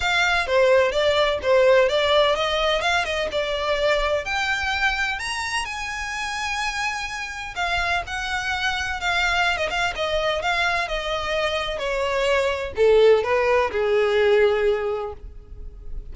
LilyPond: \new Staff \with { instrumentName = "violin" } { \time 4/4 \tempo 4 = 127 f''4 c''4 d''4 c''4 | d''4 dis''4 f''8 dis''8 d''4~ | d''4 g''2 ais''4 | gis''1 |
f''4 fis''2 f''4~ | f''16 dis''16 f''8 dis''4 f''4 dis''4~ | dis''4 cis''2 a'4 | b'4 gis'2. | }